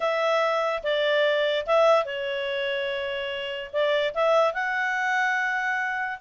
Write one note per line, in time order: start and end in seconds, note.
0.00 0.83 E5
0.83 1.66 D5
1.66 2.05 E5
2.05 3.71 C#5
3.72 4.14 D5
4.14 4.53 E5
4.53 6.19 F#5